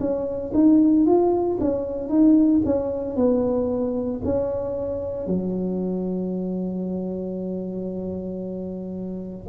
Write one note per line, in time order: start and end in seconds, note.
0.00 0.53 C#4
0.54 1.06 D#4
1.06 1.58 F4
1.60 2.09 C#4
2.09 2.61 D#4
2.65 3.16 C#4
3.16 4.21 B3
4.24 5.27 C#4
5.27 9.48 F#3